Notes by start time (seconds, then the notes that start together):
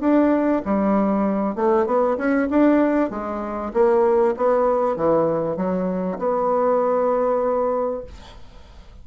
0.00 D4
0.65 G3
1.55 A3
1.86 B3
2.17 C#4
2.50 D4
3.10 G#3
3.73 A#3
4.36 B3
4.96 E3
5.56 F#3
6.18 B3